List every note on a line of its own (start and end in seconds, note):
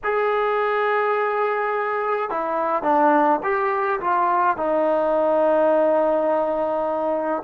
0.03 2.30 G#4
2.30 2.82 E4
2.82 3.39 D4
3.43 4.00 G4
4.00 4.57 F4
4.57 7.42 D#4